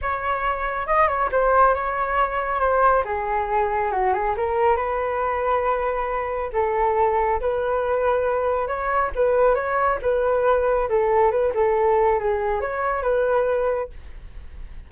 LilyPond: \new Staff \with { instrumentName = "flute" } { \time 4/4 \tempo 4 = 138 cis''2 dis''8 cis''8 c''4 | cis''2 c''4 gis'4~ | gis'4 fis'8 gis'8 ais'4 b'4~ | b'2. a'4~ |
a'4 b'2. | cis''4 b'4 cis''4 b'4~ | b'4 a'4 b'8 a'4. | gis'4 cis''4 b'2 | }